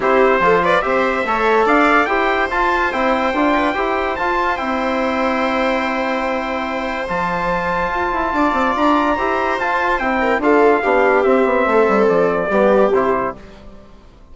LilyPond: <<
  \new Staff \with { instrumentName = "trumpet" } { \time 4/4 \tempo 4 = 144 c''4. d''8 e''2 | f''4 g''4 a''4 g''4~ | g''2 a''4 g''4~ | g''1~ |
g''4 a''2.~ | a''4 ais''2 a''4 | g''4 f''2 e''4~ | e''4 d''2 c''4 | }
  \new Staff \with { instrumentName = "viola" } { \time 4/4 g'4 a'8 b'8 c''4 cis''4 | d''4 c''2.~ | c''8 b'8 c''2.~ | c''1~ |
c''1 | d''2 c''2~ | c''8 ais'8 a'4 g'2 | a'2 g'2 | }
  \new Staff \with { instrumentName = "trombone" } { \time 4/4 e'4 f'4 g'4 a'4~ | a'4 g'4 f'4 e'4 | f'4 g'4 f'4 e'4~ | e'1~ |
e'4 f'2.~ | f'2 g'4 f'4 | e'4 f'4 d'4 c'4~ | c'2 b4 e'4 | }
  \new Staff \with { instrumentName = "bassoon" } { \time 4/4 c'4 f4 c'4 a4 | d'4 e'4 f'4 c'4 | d'4 e'4 f'4 c'4~ | c'1~ |
c'4 f2 f'8 e'8 | d'8 c'8 d'4 e'4 f'4 | c'4 d'4 b4 c'8 b8 | a8 g8 f4 g4 c4 | }
>>